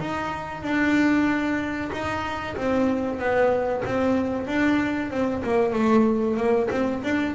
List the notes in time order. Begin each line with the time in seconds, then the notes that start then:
0.00 D#4
0.63 D4
1.92 D#4
2.57 C4
3.19 B3
3.85 C4
4.47 D4
5.11 C4
5.43 A#3
5.73 A3
6.37 A#3
6.71 C4
7.04 D4